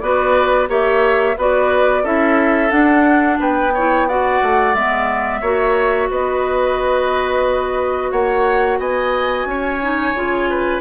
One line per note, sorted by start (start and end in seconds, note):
0.00 0.69 B3
0.00 0.68 F#4
0.00 0.69 B4
0.00 0.67 D5
0.68 1.36 A#3
0.68 1.35 G4
0.68 1.37 C#5
0.68 1.38 E5
1.37 2.04 B3
1.37 2.04 F#4
1.37 2.03 B4
1.37 2.05 D5
2.03 2.71 C#4
2.03 2.70 E4
2.03 3.38 A4
2.03 2.71 E5
2.70 3.71 D4
2.70 3.39 D4
2.70 3.38 F#5
3.39 4.40 B3
3.39 3.73 B4
3.39 4.08 G5
3.74 4.09 E4
3.74 4.08 C#5
4.08 4.76 F#4
4.08 5.41 D5
4.08 4.74 F#5
4.42 4.74 A3
4.74 5.41 G#3
4.74 5.43 B3
4.74 6.09 E5
5.41 6.09 A#3
5.41 9.81 F#4
5.41 6.08 C#5
6.10 8.12 B3
6.10 8.11 B4
6.10 8.11 D#5
8.11 8.79 A#3
8.11 8.78 C#5
8.11 8.78 F#5
8.79 9.45 B3
8.79 9.47 D#5
8.79 10.81 G#5
9.45 10.12 C#4
9.45 10.49 C#5
9.81 10.15 D#4
10.13 10.81 C#3
10.13 10.81 F4
10.49 10.81 B4